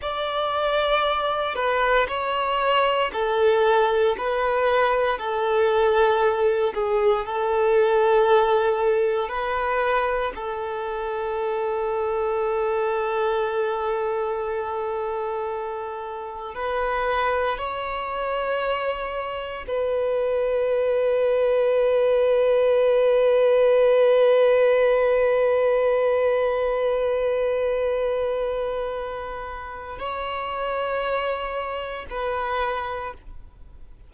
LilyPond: \new Staff \with { instrumentName = "violin" } { \time 4/4 \tempo 4 = 58 d''4. b'8 cis''4 a'4 | b'4 a'4. gis'8 a'4~ | a'4 b'4 a'2~ | a'1 |
b'4 cis''2 b'4~ | b'1~ | b'1~ | b'4 cis''2 b'4 | }